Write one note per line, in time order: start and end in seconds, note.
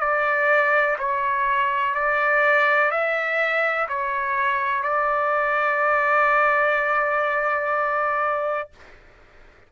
0.00 0.97 D5
0.99 1.95 C#5
1.95 2.91 D5
2.91 3.88 E5
3.88 4.83 C#5
4.83 8.70 D5